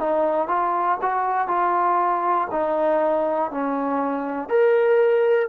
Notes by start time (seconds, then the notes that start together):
0.00 D#4
0.48 F4
1.02 F#4
1.48 F4
2.51 D#4
3.51 C#4
4.50 A#4